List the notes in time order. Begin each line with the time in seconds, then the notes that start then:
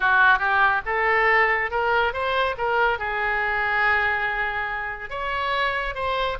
0.00 F#4
0.38 G4
0.85 A4
1.70 A#4
2.13 C5
2.57 A#4
2.98 G#4
5.10 C#5
5.95 C5